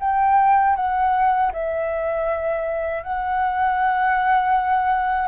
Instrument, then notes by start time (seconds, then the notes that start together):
flute
0.00 G5
0.76 F#5
1.53 E5
3.03 F#5